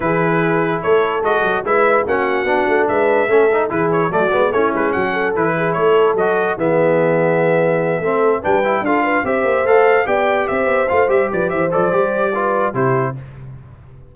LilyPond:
<<
  \new Staff \with { instrumentName = "trumpet" } { \time 4/4 \tempo 4 = 146 b'2 cis''4 dis''4 | e''4 fis''2 e''4~ | e''4 b'8 cis''8 d''4 cis''8 b'8 | fis''4 b'4 cis''4 dis''4 |
e''1~ | e''8 g''4 f''4 e''4 f''8~ | f''8 g''4 e''4 f''8 e''8 d''8 | e''8 d''2~ d''8 c''4 | }
  \new Staff \with { instrumentName = "horn" } { \time 4/4 gis'2 a'2 | b'4 fis'2 b'4 | a'4 gis'4 fis'4 e'4 | fis'8 a'4 gis'8 a'2 |
gis'2.~ gis'8 a'8~ | a'8 b'4 a'8 b'8 c''4.~ | c''8 d''4 c''2 b'8 | c''2 b'4 g'4 | }
  \new Staff \with { instrumentName = "trombone" } { \time 4/4 e'2. fis'4 | e'4 cis'4 d'2 | cis'8 dis'8 e'4 a8 b8 cis'4~ | cis'4 e'2 fis'4 |
b2.~ b8 c'8~ | c'8 d'8 e'8 f'4 g'4 a'8~ | a'8 g'2 f'8 g'4~ | g'8 a'8 g'4 f'4 e'4 | }
  \new Staff \with { instrumentName = "tuba" } { \time 4/4 e2 a4 gis8 fis8 | gis4 ais4 b8 a8 gis4 | a4 e4 fis8 gis8 a8 gis8 | fis4 e4 a4 fis4 |
e2.~ e8 a8~ | a8 g4 d'4 c'8 ais8 a8~ | a8 b4 c'8 b8 a8 g8 f8 | e8 f8 g2 c4 | }
>>